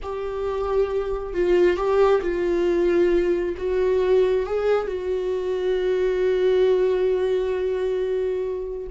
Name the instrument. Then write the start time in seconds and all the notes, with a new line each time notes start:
viola
0.02 G4
1.33 F4
1.76 G4
2.21 F4
3.57 F#4
4.46 G#4
4.87 F#4